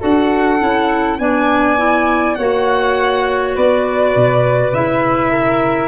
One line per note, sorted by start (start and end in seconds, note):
0.00 0.61 D4
0.00 0.59 F#4
0.00 1.18 A4
0.00 1.19 F#5
0.60 1.19 C#4
0.60 1.19 E4
1.19 2.37 B3
1.19 1.77 D4
1.19 2.38 D5
1.19 2.35 G#5
1.77 2.36 E4
2.35 3.56 A#3
2.35 4.75 F#4
2.35 3.55 C#5
2.35 3.53 F#5
3.55 4.16 B3
3.55 5.31 B4
3.55 4.74 D5
4.16 4.73 B2
4.73 5.87 C#3
4.73 5.87 E4
4.73 5.87 E5
5.31 5.87 A#4